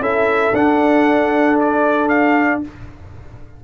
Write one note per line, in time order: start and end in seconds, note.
0.00 0.52 C#4
0.00 0.54 E4
0.00 2.62 A4
0.00 0.55 E5
0.53 2.62 D4
0.53 2.64 D4
0.53 1.60 F#5
1.60 2.09 D5
2.09 2.61 F5